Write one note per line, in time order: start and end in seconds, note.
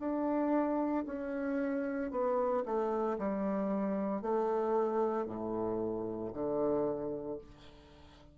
0.00 1.05 D4
1.06 2.11 C#4
2.11 2.64 B3
2.66 3.18 A3
3.19 4.22 G3
4.22 5.26 A3
5.26 6.32 A2
6.33 7.39 D3